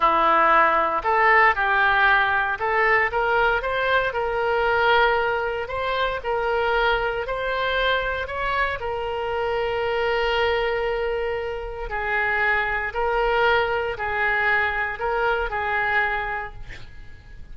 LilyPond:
\new Staff \with { instrumentName = "oboe" } { \time 4/4 \tempo 4 = 116 e'2 a'4 g'4~ | g'4 a'4 ais'4 c''4 | ais'2. c''4 | ais'2 c''2 |
cis''4 ais'2.~ | ais'2. gis'4~ | gis'4 ais'2 gis'4~ | gis'4 ais'4 gis'2 | }